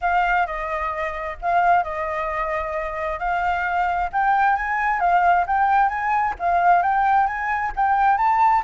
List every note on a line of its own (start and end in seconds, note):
0.01 0.46 F5
0.46 1.37 D#5
1.41 1.83 F5
1.83 3.19 D#5
3.19 4.10 F5
4.12 4.56 G5
4.56 4.99 G#5
4.99 5.45 F5
5.46 5.88 G5
5.88 6.34 G#5
6.39 6.82 F5
6.82 7.26 G5
7.26 7.72 G#5
7.75 8.17 G5
8.17 8.63 A5